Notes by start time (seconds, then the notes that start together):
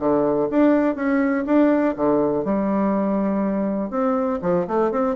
0.00 D3
0.51 D4
0.96 C#4
1.46 D4
1.96 D3
2.45 G3
3.91 C4
4.42 F3
4.68 A3
4.92 C4